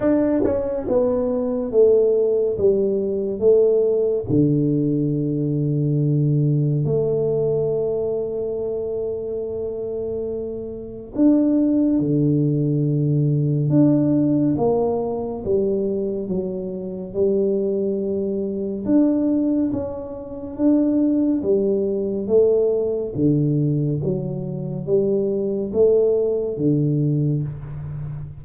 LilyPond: \new Staff \with { instrumentName = "tuba" } { \time 4/4 \tempo 4 = 70 d'8 cis'8 b4 a4 g4 | a4 d2. | a1~ | a4 d'4 d2 |
d'4 ais4 g4 fis4 | g2 d'4 cis'4 | d'4 g4 a4 d4 | fis4 g4 a4 d4 | }